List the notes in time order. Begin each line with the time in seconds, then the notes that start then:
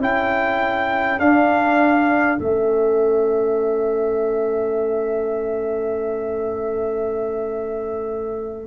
0.00 C#4 E4 A4 G5
1.19 D4 F5
2.38 A3 C#4 E5